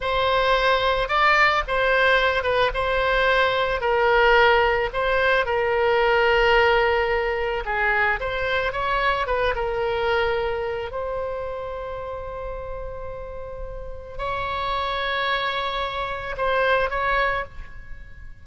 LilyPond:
\new Staff \with { instrumentName = "oboe" } { \time 4/4 \tempo 4 = 110 c''2 d''4 c''4~ | c''8 b'8 c''2 ais'4~ | ais'4 c''4 ais'2~ | ais'2 gis'4 c''4 |
cis''4 b'8 ais'2~ ais'8 | c''1~ | c''2 cis''2~ | cis''2 c''4 cis''4 | }